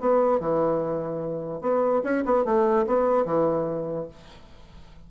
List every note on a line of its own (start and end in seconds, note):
0.00 0.40 B3
0.40 1.61 E3
1.61 2.02 B3
2.04 2.25 C#4
2.25 2.45 B3
2.45 2.86 A3
2.87 3.25 B3
3.25 4.08 E3